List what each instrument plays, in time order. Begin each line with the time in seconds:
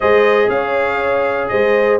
0.00 tuba G#3, trombone G#4, horn C5, trumpet D#5
0.49 tuba C#4, horn C#5, trumpet F5
1.48 tuba G#3, horn C5, trumpet D#5